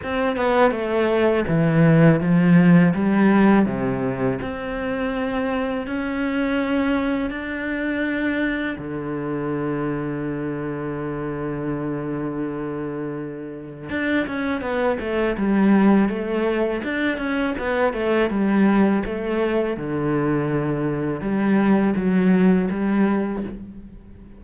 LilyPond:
\new Staff \with { instrumentName = "cello" } { \time 4/4 \tempo 4 = 82 c'8 b8 a4 e4 f4 | g4 c4 c'2 | cis'2 d'2 | d1~ |
d2. d'8 cis'8 | b8 a8 g4 a4 d'8 cis'8 | b8 a8 g4 a4 d4~ | d4 g4 fis4 g4 | }